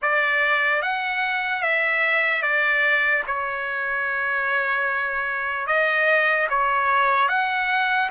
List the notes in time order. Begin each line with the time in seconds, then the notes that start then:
0.01 D5
0.81 F#5
1.62 E5
2.42 D5
3.27 C#5
5.66 D#5
6.49 C#5
7.28 F#5